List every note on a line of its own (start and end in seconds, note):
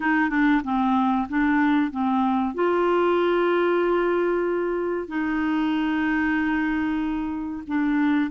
0.00 0.29 D#4
0.29 0.61 D4
0.64 1.27 C4
1.29 1.91 D4
1.91 2.54 C4
2.54 5.07 F4
5.07 7.63 D#4
7.67 8.31 D4